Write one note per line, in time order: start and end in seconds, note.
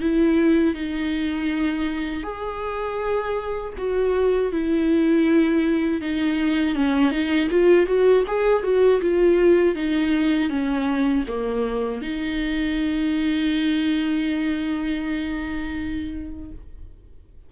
0.00 0.74 E4
0.74 2.23 D#4
2.23 3.73 G#4
3.77 4.51 F#4
4.51 6.01 E4
6.01 6.75 D#4
6.75 7.11 C#4
7.11 7.48 D#4
7.50 7.86 F4
7.86 8.24 F#4
8.27 8.63 G#4
8.63 9.00 F#4
9.01 9.75 F4
9.75 10.49 D#4
10.49 11.24 C#4
11.27 12.01 A#3
12.01 16.51 D#4